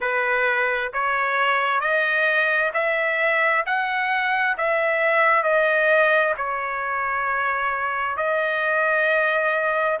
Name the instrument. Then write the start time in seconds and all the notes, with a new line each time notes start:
trumpet
0.00 B4
0.93 C#5
1.80 D#5
2.73 E5
3.66 F#5
4.57 E5
5.43 D#5
6.37 C#5
8.16 D#5